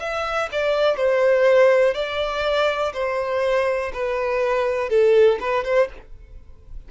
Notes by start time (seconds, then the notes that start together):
0.00 E5
0.52 D5
0.97 C5
1.94 D5
2.94 C5
3.93 B4
4.90 A4
5.41 B4
5.65 C5